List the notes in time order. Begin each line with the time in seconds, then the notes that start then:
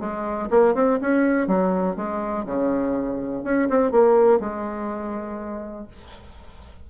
0.00 G#3
0.51 A#3
0.75 C4
1.01 C#4
1.48 F#3
1.96 G#3
2.46 C#3
3.44 C#4
3.69 C4
3.91 A#3
4.40 G#3